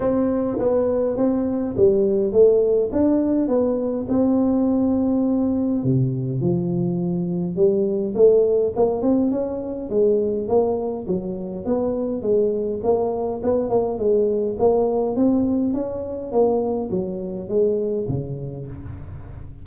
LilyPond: \new Staff \with { instrumentName = "tuba" } { \time 4/4 \tempo 4 = 103 c'4 b4 c'4 g4 | a4 d'4 b4 c'4~ | c'2 c4 f4~ | f4 g4 a4 ais8 c'8 |
cis'4 gis4 ais4 fis4 | b4 gis4 ais4 b8 ais8 | gis4 ais4 c'4 cis'4 | ais4 fis4 gis4 cis4 | }